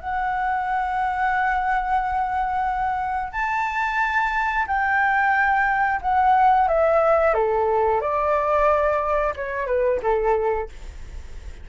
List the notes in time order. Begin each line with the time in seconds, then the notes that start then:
0.00 F#5
3.33 A5
4.67 G5
6.02 F#5
6.68 E5
7.34 A4
8.01 D5
9.36 C#5
9.67 B4
10.03 A4